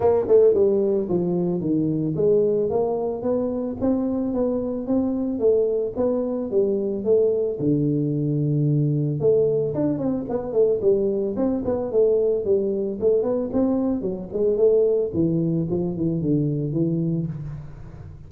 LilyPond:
\new Staff \with { instrumentName = "tuba" } { \time 4/4 \tempo 4 = 111 ais8 a8 g4 f4 dis4 | gis4 ais4 b4 c'4 | b4 c'4 a4 b4 | g4 a4 d2~ |
d4 a4 d'8 c'8 b8 a8 | g4 c'8 b8 a4 g4 | a8 b8 c'4 fis8 gis8 a4 | e4 f8 e8 d4 e4 | }